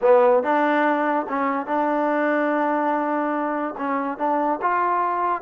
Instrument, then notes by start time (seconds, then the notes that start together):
trombone
0.01 B3
0.43 D4
1.28 C#4
1.66 D4
3.77 C#4
4.18 D4
4.61 F4